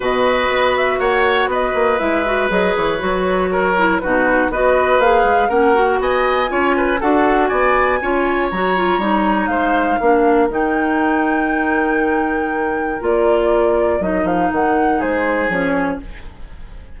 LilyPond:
<<
  \new Staff \with { instrumentName = "flute" } { \time 4/4 \tempo 4 = 120 dis''4. e''8 fis''4 dis''4 | e''4 dis''8 cis''2~ cis''8 | b'4 dis''4 f''4 fis''4 | gis''2 fis''4 gis''4~ |
gis''4 ais''2 f''4~ | f''4 g''2.~ | g''2 d''2 | dis''8 f''8 fis''4 c''4 cis''4 | }
  \new Staff \with { instrumentName = "oboe" } { \time 4/4 b'2 cis''4 b'4~ | b'2. ais'4 | fis'4 b'2 ais'4 | dis''4 cis''8 b'8 a'4 d''4 |
cis''2. c''4 | ais'1~ | ais'1~ | ais'2 gis'2 | }
  \new Staff \with { instrumentName = "clarinet" } { \time 4/4 fis'1 | e'8 fis'8 gis'4 fis'4. e'8 | dis'4 fis'4 gis'4 cis'8 fis'8~ | fis'4 f'4 fis'2 |
f'4 fis'8 f'8 dis'2 | d'4 dis'2.~ | dis'2 f'2 | dis'2. cis'4 | }
  \new Staff \with { instrumentName = "bassoon" } { \time 4/4 b,4 b4 ais4 b8 ais8 | gis4 fis8 e8 fis2 | b,4 b4 ais8 gis8 ais4 | b4 cis'4 d'4 b4 |
cis'4 fis4 g4 gis4 | ais4 dis2.~ | dis2 ais2 | fis8 f8 dis4 gis4 f4 | }
>>